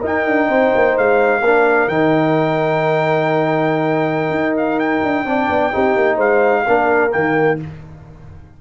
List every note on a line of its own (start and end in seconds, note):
0.00 1.41 D#4
0.00 0.25 D#4
0.00 0.47 A#4
0.00 0.97 G5
0.25 0.49 D4
0.48 0.72 C4
0.48 1.41 C5
0.75 0.97 A#3
0.97 1.41 G#3
0.97 1.88 F5
1.41 1.87 A#3
1.41 1.89 D4
1.41 5.27 A#4
1.88 4.29 D#3
1.88 5.25 D#4
1.88 4.56 G5
4.29 4.99 D#4
4.57 4.79 F5
4.79 6.19 G5
5.03 5.25 D4
5.25 5.48 C4
5.25 5.72 D4
5.25 5.73 D5
5.49 5.72 B3
5.72 5.96 C4
5.72 6.65 D#4
5.72 6.16 G4
5.96 6.18 A#3
6.16 6.64 G#3
6.16 6.63 C5
6.16 7.12 F5
6.66 7.14 A#3
6.66 7.10 D4
6.66 7.59 A#4
7.10 7.61 D#3
7.10 7.57 A#3
7.10 7.58 G5